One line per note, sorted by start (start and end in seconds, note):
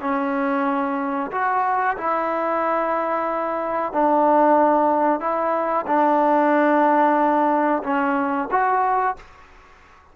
0.00 1.30 C#4
1.31 1.96 F#4
1.97 3.92 E4
3.92 5.20 D4
5.20 5.85 E4
5.86 7.82 D4
7.83 8.48 C#4
8.50 9.16 F#4